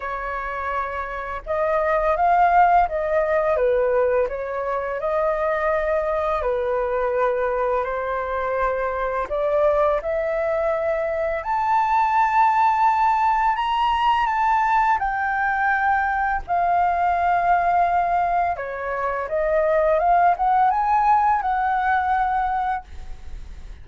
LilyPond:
\new Staff \with { instrumentName = "flute" } { \time 4/4 \tempo 4 = 84 cis''2 dis''4 f''4 | dis''4 b'4 cis''4 dis''4~ | dis''4 b'2 c''4~ | c''4 d''4 e''2 |
a''2. ais''4 | a''4 g''2 f''4~ | f''2 cis''4 dis''4 | f''8 fis''8 gis''4 fis''2 | }